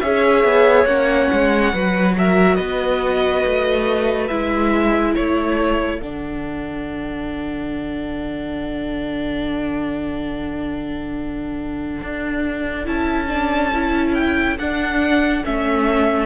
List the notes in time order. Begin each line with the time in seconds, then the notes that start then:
0.00 C#4 G#4 C#5 E5
0.44 B3
0.84 A#3 C#4 F#5
1.32 G#3
1.73 F#3 F#4 B4
2.17 A#4 E5
2.55 B3 B4 D#5
3.45 A3
4.27 G#3 E4 E5
5.13 A3 A4 C#5
6.00 D3 D4 F#5
12.01 D4
12.85 C#4 E4 A5
13.27 D4
13.73 E4
14.14 G5
14.58 D4 F#5
15.44 A3 C#4 E5